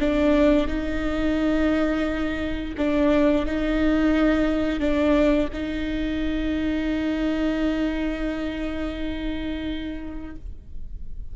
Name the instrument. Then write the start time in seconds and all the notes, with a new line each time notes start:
viola
0.00 D4
0.67 D#4
2.78 D4
3.46 D#4
4.80 D4
5.53 D#4